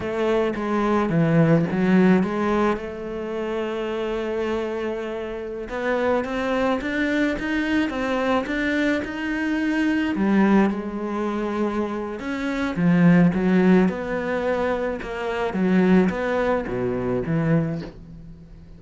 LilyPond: \new Staff \with { instrumentName = "cello" } { \time 4/4 \tempo 4 = 108 a4 gis4 e4 fis4 | gis4 a2.~ | a2~ a16 b4 c'8.~ | c'16 d'4 dis'4 c'4 d'8.~ |
d'16 dis'2 g4 gis8.~ | gis2 cis'4 f4 | fis4 b2 ais4 | fis4 b4 b,4 e4 | }